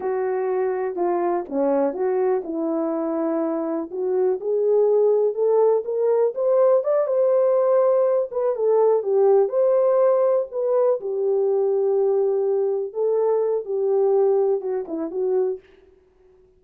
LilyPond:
\new Staff \with { instrumentName = "horn" } { \time 4/4 \tempo 4 = 123 fis'2 f'4 cis'4 | fis'4 e'2. | fis'4 gis'2 a'4 | ais'4 c''4 d''8 c''4.~ |
c''4 b'8 a'4 g'4 c''8~ | c''4. b'4 g'4.~ | g'2~ g'8 a'4. | g'2 fis'8 e'8 fis'4 | }